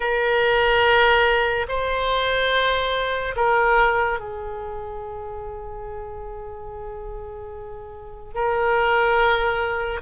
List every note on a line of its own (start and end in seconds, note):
0.00 1.66 A#4
1.68 3.35 C5
3.36 4.19 A#4
4.19 8.34 G#4
8.34 10.01 A#4